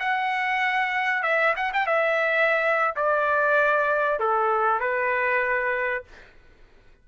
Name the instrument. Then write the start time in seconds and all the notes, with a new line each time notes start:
trumpet
0.00 F#5
1.23 E5
1.57 F#5
1.73 G5
1.87 E5
2.96 D5
4.20 A4
4.80 B4